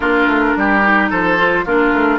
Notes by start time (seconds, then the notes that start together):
0.00 A#3 D4 F4 A#4
0.26 A3
0.56 G3 G4
0.82 D#4
1.10 F3 A4 C5
1.37 F4
1.65 A#3 D4 F4 A#4
1.93 A3